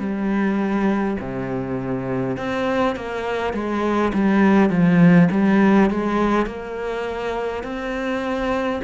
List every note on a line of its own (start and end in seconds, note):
0.00 1.18 G3
1.20 2.37 C3
2.37 2.96 C4
2.96 3.53 A#3
3.53 4.12 G#3
4.14 4.70 G3
4.70 5.29 F3
5.32 5.90 G3
5.90 6.47 G#3
6.47 7.64 A#3
7.64 8.81 C4